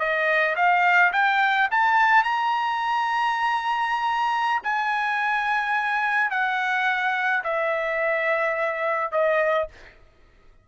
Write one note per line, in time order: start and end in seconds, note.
0.00 0.56 D#5
0.56 1.12 F5
1.13 1.69 G5
1.72 2.24 A5
2.24 4.62 A#5
4.64 6.31 G#5
6.31 7.43 F#5
7.44 9.12 E5
9.12 9.69 D#5